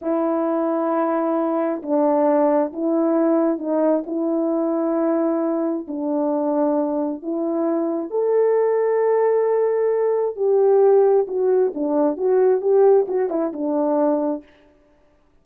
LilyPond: \new Staff \with { instrumentName = "horn" } { \time 4/4 \tempo 4 = 133 e'1 | d'2 e'2 | dis'4 e'2.~ | e'4 d'2. |
e'2 a'2~ | a'2. g'4~ | g'4 fis'4 d'4 fis'4 | g'4 fis'8 e'8 d'2 | }